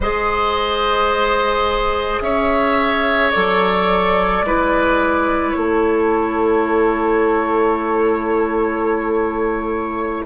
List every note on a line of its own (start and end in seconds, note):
0.00 2.19 G#3
0.00 3.34 G#4
0.00 2.22 C5
0.00 2.21 D#5
2.21 3.32 C#4
2.21 4.45 C#5
2.21 3.31 E5
3.31 4.42 F#3
3.31 4.45 A4
3.31 5.51 D5
4.42 5.53 G#3
4.42 10.25 E4
4.42 5.57 B4
5.51 10.25 A3
5.51 10.23 C#5
5.57 10.25 A4